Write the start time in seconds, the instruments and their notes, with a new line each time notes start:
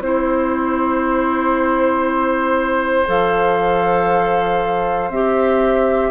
0.00 bassoon C4, clarinet E4, flute C5, oboe C5
3.07 bassoon F3, clarinet A4, flute F5
5.09 bassoon C4, clarinet G4, flute E5